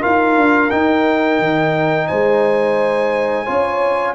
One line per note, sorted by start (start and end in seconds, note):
0.00 0.36 D#4
0.00 0.69 F4
0.00 2.07 A#4
0.00 0.70 F5
0.36 0.71 D4
0.70 3.46 D#4
0.70 1.39 D#4
0.70 2.07 G5
1.39 2.08 D#3
2.07 3.49 G#3
2.07 3.45 C5
2.07 4.14 G#5
3.45 4.14 C#4
3.45 4.14 F4
3.45 4.14 C#5